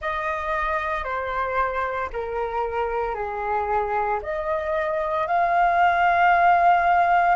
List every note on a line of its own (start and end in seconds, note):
0.01 1.03 D#5
1.03 2.09 C5
2.12 3.14 A#4
3.14 4.20 G#4
4.22 5.27 D#5
5.27 7.35 F5